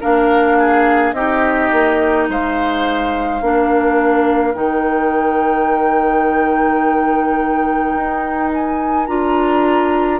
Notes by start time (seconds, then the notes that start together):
0.00 A#3 D4 A#4 F5
0.58 G#4
1.12 C4 D#4 G4 D#5
1.72 A#3
2.29 G#3 C5 F5
3.41 A#3 D4 A#4
4.53 D#3 D#4 G5
7.95 D#4
8.53 G#5
9.06 D4 F4 A#5